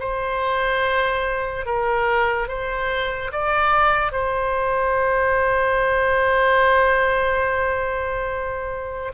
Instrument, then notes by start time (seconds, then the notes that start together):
oboe
0.00 C5
1.66 A#4
2.48 C5
3.33 D5
4.12 C5